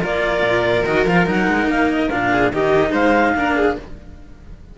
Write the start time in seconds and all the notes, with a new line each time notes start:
0.00 A#3 F4 A#4 D5
0.42 A#2
0.85 D#3 F#4 D#5
1.06 F3 F4 F5
1.26 F#3 D#4 F#5
1.48 G#3
1.66 A#3 F5
1.92 D#5
2.09 A#2 D4 F5
2.31 G#4
2.51 D#3 D#4 G4 D#5
2.91 G#3 C5 F5
3.35 A#3 D4 A#4
3.56 G#4